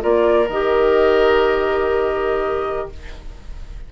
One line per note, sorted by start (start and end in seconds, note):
0.00 0.49 A#3
0.00 0.45 F4
0.00 2.88 A#4
0.00 0.48 D5
0.49 2.89 D#3
0.49 2.92 G4
0.49 2.89 D#5